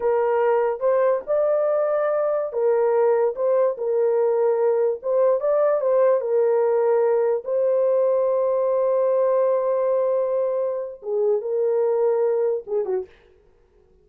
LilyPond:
\new Staff \with { instrumentName = "horn" } { \time 4/4 \tempo 4 = 147 ais'2 c''4 d''4~ | d''2~ d''16 ais'4.~ ais'16~ | ais'16 c''4 ais'2~ ais'8.~ | ais'16 c''4 d''4 c''4 ais'8.~ |
ais'2~ ais'16 c''4.~ c''16~ | c''1~ | c''2. gis'4 | ais'2. gis'8 fis'8 | }